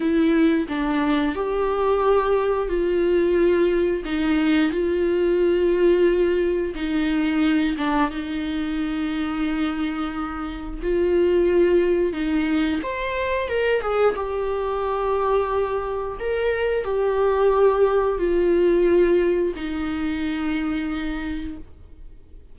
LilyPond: \new Staff \with { instrumentName = "viola" } { \time 4/4 \tempo 4 = 89 e'4 d'4 g'2 | f'2 dis'4 f'4~ | f'2 dis'4. d'8 | dis'1 |
f'2 dis'4 c''4 | ais'8 gis'8 g'2. | ais'4 g'2 f'4~ | f'4 dis'2. | }